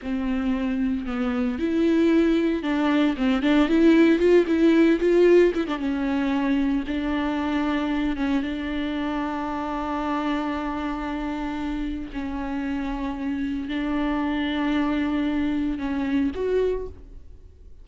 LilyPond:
\new Staff \with { instrumentName = "viola" } { \time 4/4 \tempo 4 = 114 c'2 b4 e'4~ | e'4 d'4 c'8 d'8 e'4 | f'8 e'4 f'4 e'16 d'16 cis'4~ | cis'4 d'2~ d'8 cis'8 |
d'1~ | d'2. cis'4~ | cis'2 d'2~ | d'2 cis'4 fis'4 | }